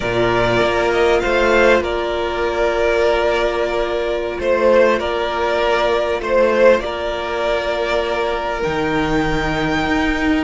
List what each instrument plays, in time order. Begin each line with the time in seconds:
0.00 cello A#2, viola F4, violin A#4 D5
0.60 cello A#3
0.91 violin D#5
1.19 cello A3, violin C5 F5
1.80 cello A#3, violin A#4 D5
4.39 cello A3, violin C5
4.99 cello A#3, violin A#4 D5
6.20 cello A3, violin C5
6.79 cello A#3, violin A#4 D5
8.62 cello D#3, viola D#4, violin G5
9.86 cello D#4